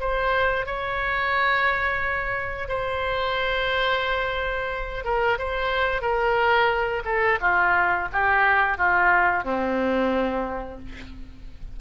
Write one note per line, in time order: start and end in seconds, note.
0.00 0.66 C5
0.66 2.68 C#5
2.68 5.04 C5
5.04 5.38 A#4
5.38 6.02 C5
6.02 7.03 A#4
7.05 7.39 A4
7.41 8.08 F4
8.12 8.77 G4
8.77 9.44 F4
9.44 10.79 C4